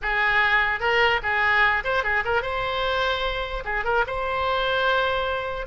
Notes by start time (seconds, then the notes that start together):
0.01 G#4
0.79 A#4
1.23 G#4
1.84 C5
2.03 G#4
2.24 A#4
2.42 C5
3.64 G#4
3.84 A#4
4.06 C5